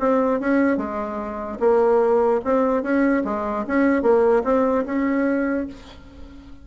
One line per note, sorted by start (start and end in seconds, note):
0.00 0.40 C4
0.40 0.78 C#4
0.78 1.59 G#3
1.60 2.41 A#3
2.45 2.83 C4
2.83 3.24 C#4
3.25 3.65 G#3
3.67 4.03 C#4
4.03 4.43 A#3
4.44 4.85 C4
4.86 5.67 C#4